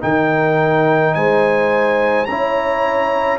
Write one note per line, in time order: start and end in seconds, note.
0.00 1.16 D#3
0.00 2.26 D#4
0.00 1.15 A#4
0.00 1.14 G5
1.14 2.28 G#3
1.14 2.28 C5
1.14 2.25 G#5
2.25 3.39 C#4
2.25 3.39 E4
2.25 3.39 C#5
2.25 3.38 A#5